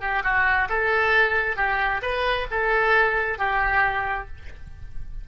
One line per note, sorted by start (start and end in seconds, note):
0.00 0.22 G4
0.23 0.68 F#4
0.69 1.56 A4
1.56 2.01 G4
2.01 2.46 B4
2.51 3.38 A4
3.38 4.27 G4